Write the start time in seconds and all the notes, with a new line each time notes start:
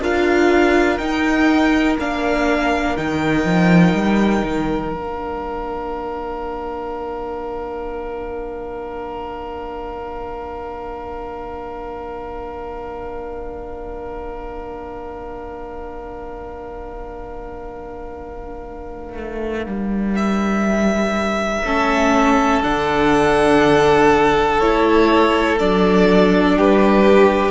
0.00 D4 F4 A#4 F5
0.97 D#4 G5
1.98 A#3 D4 F5
2.96 D#3 D#4 G5
3.45 F3
3.93 G3
4.43 D#3
4.92 A#3 D4 F5
19.17 A3
19.66 G3
20.16 E5
21.64 A3 C#4 A4
22.63 D3 D4 F#5
24.59 A3 E4 C#5
25.59 F#3 D4 D5
26.57 G3 G4 B4